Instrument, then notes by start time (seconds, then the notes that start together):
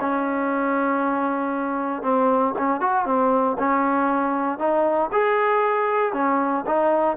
trombone
0.00 C#4
2.03 C4
2.58 C#4
2.81 F#4
3.05 C4
3.59 C#4
4.59 D#4
5.12 G#4
6.13 C#4
6.66 D#4